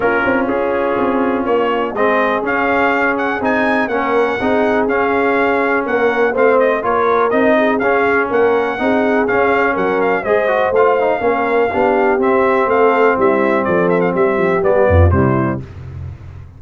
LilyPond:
<<
  \new Staff \with { instrumentName = "trumpet" } { \time 4/4 \tempo 4 = 123 ais'4 gis'2 cis''4 | dis''4 f''4. fis''8 gis''4 | fis''2 f''2 | fis''4 f''8 dis''8 cis''4 dis''4 |
f''4 fis''2 f''4 | fis''8 f''8 dis''4 f''2~ | f''4 e''4 f''4 e''4 | d''8 e''16 f''16 e''4 d''4 c''4 | }
  \new Staff \with { instrumentName = "horn" } { \time 4/4 f'1 | gis'1 | ais'4 gis'2. | ais'4 c''4 ais'4. gis'8~ |
gis'4 ais'4 gis'2 | ais'4 c''2 ais'4 | g'2 a'4 e'4 | a'4 g'4. f'8 e'4 | }
  \new Staff \with { instrumentName = "trombone" } { \time 4/4 cis'1 | c'4 cis'2 dis'4 | cis'4 dis'4 cis'2~ | cis'4 c'4 f'4 dis'4 |
cis'2 dis'4 cis'4~ | cis'4 gis'8 fis'8 f'8 dis'8 cis'4 | d'4 c'2.~ | c'2 b4 g4 | }
  \new Staff \with { instrumentName = "tuba" } { \time 4/4 ais8 c'8 cis'4 c'4 ais4 | gis4 cis'2 c'4 | ais4 c'4 cis'2 | ais4 a4 ais4 c'4 |
cis'4 ais4 c'4 cis'4 | fis4 gis4 a4 ais4 | b4 c'4 a4 g4 | f4 g8 f8 g8 f,8 c4 | }
>>